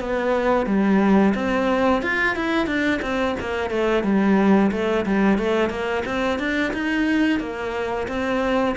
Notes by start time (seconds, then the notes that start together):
0.00 B3
0.66 G3
1.35 C4
2.02 F4
2.36 E4
2.66 D4
3.02 C4
3.40 A#3
3.70 A3
4.03 G3
4.72 A3
5.06 G3
5.38 A3
5.70 A#3
6.05 C4
6.39 D4
6.73 D#4
7.40 A#3
8.08 C4